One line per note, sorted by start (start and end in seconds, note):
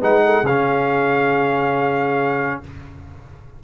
0.00 0.43 G#3
0.00 0.45 D#4
0.00 0.22 B4
0.00 0.46 F#5
0.25 0.45 A4
0.43 2.59 C#3
0.43 2.64 C#4
0.43 2.61 G#4
0.43 2.62 F5